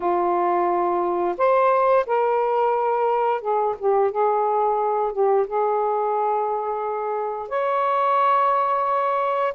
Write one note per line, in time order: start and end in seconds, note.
0.00 1.35 F4
1.37 2.05 C5
2.06 3.41 A#4
3.41 3.75 G#4
3.78 4.11 G4
4.11 5.12 G#4
5.12 5.46 G4
5.46 7.48 G#4
7.48 9.53 C#5